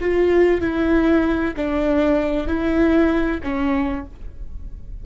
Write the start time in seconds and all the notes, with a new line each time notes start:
0.00 F4
0.60 E4
1.56 D4
2.47 E4
3.43 C#4